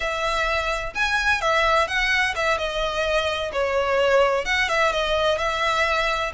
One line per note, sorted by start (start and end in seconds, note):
0.00 0.93 E5
0.94 1.41 G#5
1.41 1.87 E5
1.87 2.34 F#5
2.35 2.58 E5
2.58 3.51 D#5
3.52 4.45 C#5
4.45 4.68 F#5
4.69 4.92 E5
4.92 5.38 D#5
5.38 6.32 E5